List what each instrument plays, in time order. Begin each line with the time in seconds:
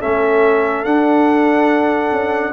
0.00 tuba A3, trombone C#4, horn A4, trumpet E5
0.85 tuba D4, trombone D4, trumpet F#5
2.12 tuba C#4